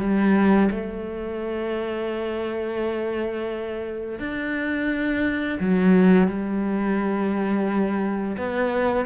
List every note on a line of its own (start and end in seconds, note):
0.00 0.70 G3
0.71 4.20 A3
4.20 5.59 D4
5.60 6.28 F#3
6.28 8.37 G3
8.38 9.06 B3